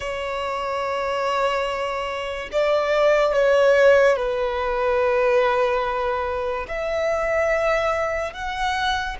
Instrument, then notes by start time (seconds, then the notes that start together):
violin
0.00 C#5
2.52 D5
3.33 C#5
4.16 B4
6.67 E5
8.33 F#5